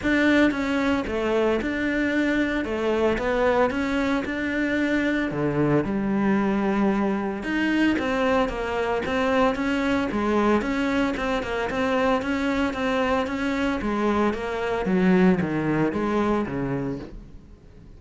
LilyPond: \new Staff \with { instrumentName = "cello" } { \time 4/4 \tempo 4 = 113 d'4 cis'4 a4 d'4~ | d'4 a4 b4 cis'4 | d'2 d4 g4~ | g2 dis'4 c'4 |
ais4 c'4 cis'4 gis4 | cis'4 c'8 ais8 c'4 cis'4 | c'4 cis'4 gis4 ais4 | fis4 dis4 gis4 cis4 | }